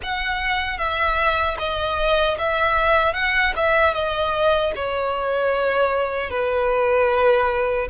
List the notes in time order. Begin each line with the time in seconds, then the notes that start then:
0.03 F#5
0.78 E5
1.58 D#5
2.38 E5
3.13 F#5
3.55 E5
3.93 D#5
4.75 C#5
6.30 B4